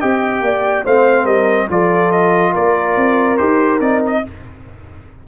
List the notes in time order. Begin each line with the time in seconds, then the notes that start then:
0.00 C4 G4 D#5 G5
0.41 A#3 D5
0.85 A3 C4 C5 F5
1.24 G3 A#4 D#5
1.70 F3 F4 A4 D5
2.11 D#5
2.52 A#3 A#4 D5
2.96 C4
3.37 D#4 G4 C5
3.80 C4 D#4 D5
4.06 D#5